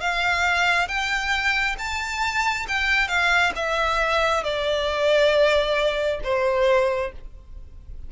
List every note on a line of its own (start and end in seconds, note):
0.00 0.87 F5
0.87 1.76 G5
1.78 2.66 A5
2.68 3.08 G5
3.08 3.52 F5
3.55 4.43 E5
4.43 6.20 D5
6.23 7.11 C5